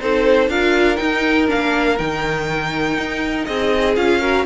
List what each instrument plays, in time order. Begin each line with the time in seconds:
0.00 cello C4, viola D#4, violin A4 C5
0.49 cello D4, viola F4, violin A#4 F5
0.97 viola D#4, cello D#4, violin G5
1.48 cello A#3, viola D4, violin F5
1.98 cello D#3, viola D#4, violin G5
2.98 cello D#4
3.45 cello C4, violin G#4 D#5
3.96 cello C#4, viola F4, violin F5
4.20 viola F#4, violin A#4